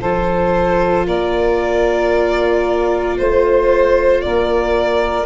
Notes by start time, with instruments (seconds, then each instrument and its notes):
0.00 tuba F3, viola F4, saxophone A4, violin C5
1.06 tuba A#3, saxophone A#4, violin D5
3.18 tuba A3, violin C5, saxophone C5
4.21 tuba A#3, saxophone A#4, violin D5